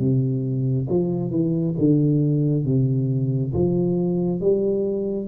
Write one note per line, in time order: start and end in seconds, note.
0.00 0.88 C3
0.90 1.31 F3
1.31 1.75 E3
1.78 2.66 D3
2.66 3.54 C3
3.54 4.41 F3
4.41 5.28 G3